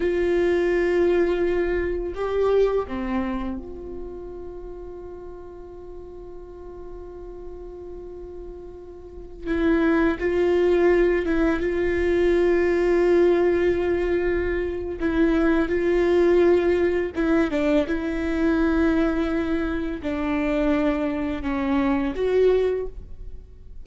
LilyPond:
\new Staff \with { instrumentName = "viola" } { \time 4/4 \tempo 4 = 84 f'2. g'4 | c'4 f'2.~ | f'1~ | f'4~ f'16 e'4 f'4. e'16~ |
e'16 f'2.~ f'8.~ | f'4 e'4 f'2 | e'8 d'8 e'2. | d'2 cis'4 fis'4 | }